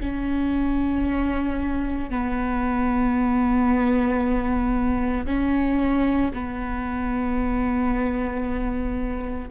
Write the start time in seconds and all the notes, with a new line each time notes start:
0.00 C#4
2.10 B3
5.26 C#4
6.33 B3